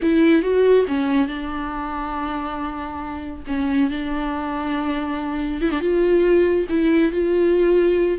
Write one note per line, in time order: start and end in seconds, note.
0.02 0.42 E4
0.42 0.85 F#4
0.87 1.27 C#4
1.27 3.43 D4
3.47 3.90 C#4
3.90 5.61 D4
5.61 5.71 E4
5.71 5.80 D4
5.80 6.66 F4
6.69 7.12 E4
7.12 8.18 F4